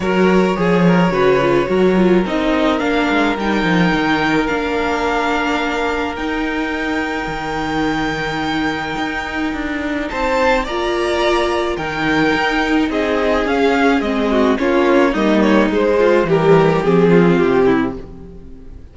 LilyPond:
<<
  \new Staff \with { instrumentName = "violin" } { \time 4/4 \tempo 4 = 107 cis''1 | dis''4 f''4 g''2 | f''2. g''4~ | g''1~ |
g''2 a''4 ais''4~ | ais''4 g''2 dis''4 | f''4 dis''4 cis''4 dis''8 cis''8 | c''4 ais'4 gis'4 g'4 | }
  \new Staff \with { instrumentName = "violin" } { \time 4/4 ais'4 gis'8 ais'8 b'4 ais'4~ | ais'1~ | ais'1~ | ais'1~ |
ais'2 c''4 d''4~ | d''4 ais'2 gis'4~ | gis'4. fis'8 f'4 dis'4~ | dis'8 f'8 g'4. f'4 e'8 | }
  \new Staff \with { instrumentName = "viola" } { \time 4/4 fis'4 gis'4 fis'8 f'8 fis'8 f'8 | dis'4 d'4 dis'2 | d'2. dis'4~ | dis'1~ |
dis'2. f'4~ | f'4 dis'2. | cis'4 c'4 cis'4 ais4 | gis4 g4 c'2 | }
  \new Staff \with { instrumentName = "cello" } { \time 4/4 fis4 f4 cis4 fis4 | c'4 ais8 gis8 g8 f8 dis4 | ais2. dis'4~ | dis'4 dis2. |
dis'4 d'4 c'4 ais4~ | ais4 dis4 dis'4 c'4 | cis'4 gis4 ais4 g4 | gis4 e4 f4 c4 | }
>>